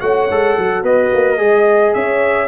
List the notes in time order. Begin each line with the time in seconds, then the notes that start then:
0.00 A3 F#4 C#5 F#5
0.29 G#3 A4
0.57 F#3 F#4
0.83 B3 B4 D#5
1.14 A#3
1.37 G#3 G#4 D#5
1.94 C#4 C#5 E5